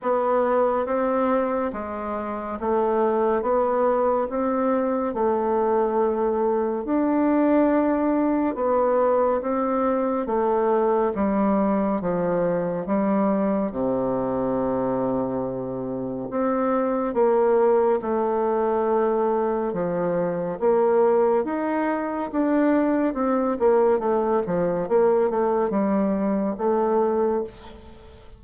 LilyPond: \new Staff \with { instrumentName = "bassoon" } { \time 4/4 \tempo 4 = 70 b4 c'4 gis4 a4 | b4 c'4 a2 | d'2 b4 c'4 | a4 g4 f4 g4 |
c2. c'4 | ais4 a2 f4 | ais4 dis'4 d'4 c'8 ais8 | a8 f8 ais8 a8 g4 a4 | }